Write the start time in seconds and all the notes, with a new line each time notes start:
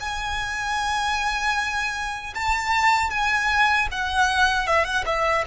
0.00 G#5
2.34 A5
3.10 G#5
3.91 F#5
4.66 E5
4.84 F#5
5.05 E5